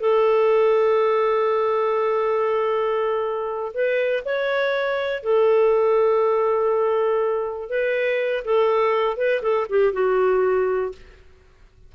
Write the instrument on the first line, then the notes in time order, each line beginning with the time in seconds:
clarinet
0.00 A4
3.74 B4
4.25 C#5
5.23 A4
7.69 B4
8.44 A4
9.17 B4
9.42 A4
9.69 G4
9.93 F#4